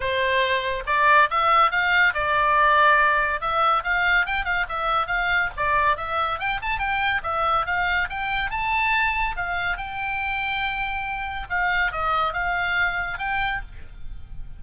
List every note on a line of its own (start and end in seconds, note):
0.00 0.83 C5
0.86 1.29 D5
1.30 1.71 E5
1.71 2.13 F5
2.14 3.40 D5
3.40 3.83 E5
3.83 4.26 F5
4.26 4.44 G5
4.44 4.66 F5
4.68 5.07 E5
5.07 5.49 F5
5.56 5.97 D5
5.97 6.39 E5
6.39 6.60 G5
6.62 6.79 A5
6.79 7.21 G5
7.23 7.65 E5
7.66 8.08 F5
8.09 8.50 G5
8.50 9.35 A5
9.36 9.77 F5
9.77 11.47 G5
11.49 11.91 F5
11.91 12.33 D#5
12.33 13.18 F5
13.18 13.61 G5